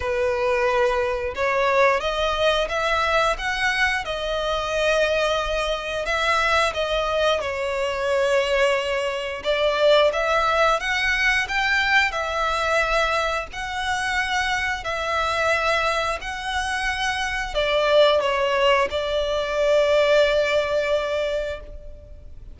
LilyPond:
\new Staff \with { instrumentName = "violin" } { \time 4/4 \tempo 4 = 89 b'2 cis''4 dis''4 | e''4 fis''4 dis''2~ | dis''4 e''4 dis''4 cis''4~ | cis''2 d''4 e''4 |
fis''4 g''4 e''2 | fis''2 e''2 | fis''2 d''4 cis''4 | d''1 | }